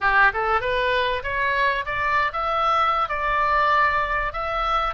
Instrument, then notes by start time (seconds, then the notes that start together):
oboe
0.01 G4
0.33 A4
0.60 B4
1.23 C#5
1.85 D5
2.32 E5
3.08 D5
4.32 E5